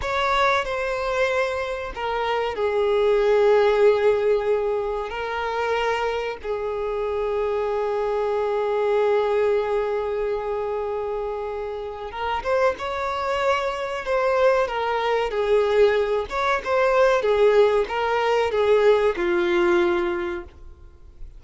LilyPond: \new Staff \with { instrumentName = "violin" } { \time 4/4 \tempo 4 = 94 cis''4 c''2 ais'4 | gis'1 | ais'2 gis'2~ | gis'1~ |
gis'2. ais'8 c''8 | cis''2 c''4 ais'4 | gis'4. cis''8 c''4 gis'4 | ais'4 gis'4 f'2 | }